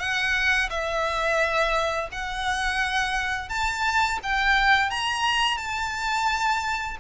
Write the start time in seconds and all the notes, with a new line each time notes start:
0.00 F#5
0.70 E5
2.12 F#5
3.49 A5
4.23 G5
4.90 A#5
5.58 A5